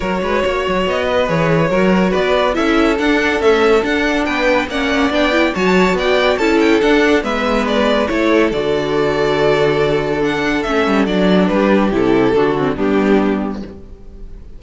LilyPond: <<
  \new Staff \with { instrumentName = "violin" } { \time 4/4 \tempo 4 = 141 cis''2 dis''4 cis''4~ | cis''4 d''4 e''4 fis''4 | e''4 fis''4 g''4 fis''4 | g''4 a''4 g''4 a''8 g''8 |
fis''4 e''4 d''4 cis''4 | d''1 | fis''4 e''4 d''4 b'4 | a'2 g'2 | }
  \new Staff \with { instrumentName = "violin" } { \time 4/4 ais'8 b'8 cis''4. b'4. | ais'4 b'4 a'2~ | a'2 b'4 d''4~ | d''4 cis''4 d''4 a'4~ |
a'4 b'2 a'4~ | a'1~ | a'2. g'4~ | g'4 fis'4 d'2 | }
  \new Staff \with { instrumentName = "viola" } { \time 4/4 fis'2. gis'4 | fis'2 e'4 d'4 | a4 d'2 cis'4 | d'8 e'8 fis'2 e'4 |
d'4 b2 e'4 | fis'1 | d'4 cis'4 d'2 | e'4 d'8 c'8 b2 | }
  \new Staff \with { instrumentName = "cello" } { \time 4/4 fis8 gis8 ais8 fis8 b4 e4 | fis4 b4 cis'4 d'4 | cis'4 d'4 b4 ais4 | b4 fis4 b4 cis'4 |
d'4 gis2 a4 | d1~ | d4 a8 g8 fis4 g4 | c4 d4 g2 | }
>>